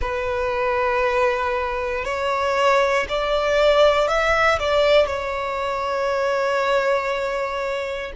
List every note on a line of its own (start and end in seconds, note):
0.01 2.04 B4
2.04 3.06 C#5
3.08 4.07 D5
4.07 4.58 E5
4.59 5.07 D5
5.07 8.12 C#5